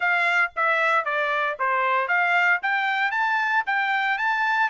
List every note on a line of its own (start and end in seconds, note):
0.00 0.51 F5
0.56 1.04 E5
1.04 1.57 D5
1.59 2.08 C5
2.08 2.60 F5
2.62 3.11 G5
3.11 3.63 A5
3.66 4.17 G5
4.17 4.69 A5